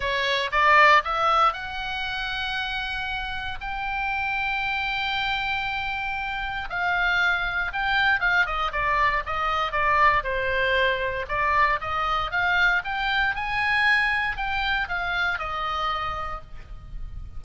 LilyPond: \new Staff \with { instrumentName = "oboe" } { \time 4/4 \tempo 4 = 117 cis''4 d''4 e''4 fis''4~ | fis''2. g''4~ | g''1~ | g''4 f''2 g''4 |
f''8 dis''8 d''4 dis''4 d''4 | c''2 d''4 dis''4 | f''4 g''4 gis''2 | g''4 f''4 dis''2 | }